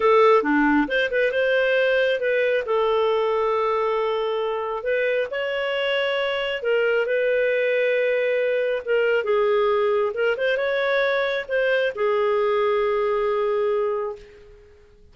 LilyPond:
\new Staff \with { instrumentName = "clarinet" } { \time 4/4 \tempo 4 = 136 a'4 d'4 c''8 b'8 c''4~ | c''4 b'4 a'2~ | a'2. b'4 | cis''2. ais'4 |
b'1 | ais'4 gis'2 ais'8 c''8 | cis''2 c''4 gis'4~ | gis'1 | }